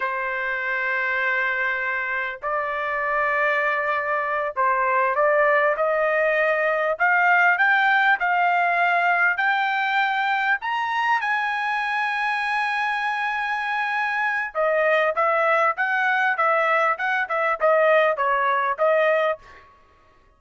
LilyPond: \new Staff \with { instrumentName = "trumpet" } { \time 4/4 \tempo 4 = 99 c''1 | d''2.~ d''8 c''8~ | c''8 d''4 dis''2 f''8~ | f''8 g''4 f''2 g''8~ |
g''4. ais''4 gis''4.~ | gis''1 | dis''4 e''4 fis''4 e''4 | fis''8 e''8 dis''4 cis''4 dis''4 | }